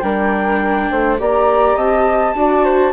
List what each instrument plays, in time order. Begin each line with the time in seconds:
0.00 bassoon G3, viola D4, flute A#4 G5
0.91 bassoon A3, flute C5
1.19 bassoon A#3, viola G4, flute D5 A#5
1.76 bassoon C4, flute D#5 A5
2.35 bassoon D4, viola F#4, flute D5
2.64 flute C5